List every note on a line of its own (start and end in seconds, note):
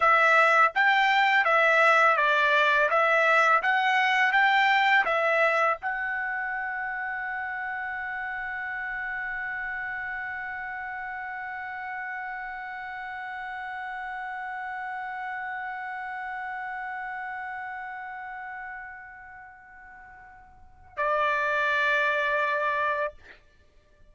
0.00 0.72 E5
0.74 1.45 G5
1.45 2.17 E5
2.17 2.89 D5
2.89 3.62 E5
3.62 4.32 F#5
4.32 5.04 G5
5.05 5.77 E5
5.81 20.96 F#5
20.96 23.13 D5